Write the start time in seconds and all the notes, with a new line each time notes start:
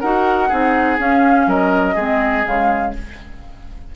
0.00 D#4 F#4 A#4 F#5
0.49 C4 D#4 G#4
0.98 C#4 F5
1.47 F#3 A#4 D#5
1.95 G#3 C4 G#4
2.44 C#3 G#3 F5